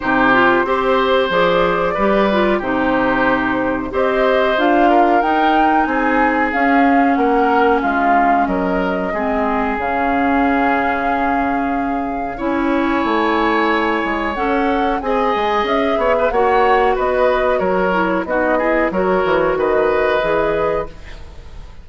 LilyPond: <<
  \new Staff \with { instrumentName = "flute" } { \time 4/4 \tempo 4 = 92 c''2 d''2 | c''2 dis''4 f''4 | g''4 gis''4 f''4 fis''4 | f''4 dis''2 f''4~ |
f''2. gis''4~ | gis''2 fis''4 gis''4 | e''4 fis''4 dis''4 cis''4 | dis''4 cis''4 dis''2 | }
  \new Staff \with { instrumentName = "oboe" } { \time 4/4 g'4 c''2 b'4 | g'2 c''4. ais'8~ | ais'4 gis'2 ais'4 | f'4 ais'4 gis'2~ |
gis'2. cis''4~ | cis''2. dis''4~ | dis''8 cis''16 b'16 cis''4 b'4 ais'4 | fis'8 gis'8 ais'4 b'2 | }
  \new Staff \with { instrumentName = "clarinet" } { \time 4/4 dis'8 f'8 g'4 gis'4 g'8 f'8 | dis'2 g'4 f'4 | dis'2 cis'2~ | cis'2 c'4 cis'4~ |
cis'2. e'4~ | e'2 a'4 gis'4~ | gis'4 fis'2~ fis'8 e'8 | dis'8 e'8 fis'2 gis'4 | }
  \new Staff \with { instrumentName = "bassoon" } { \time 4/4 c4 c'4 f4 g4 | c2 c'4 d'4 | dis'4 c'4 cis'4 ais4 | gis4 fis4 gis4 cis4~ |
cis2. cis'4 | a4. gis8 cis'4 c'8 gis8 | cis'8 b8 ais4 b4 fis4 | b4 fis8 e8 dis4 e4 | }
>>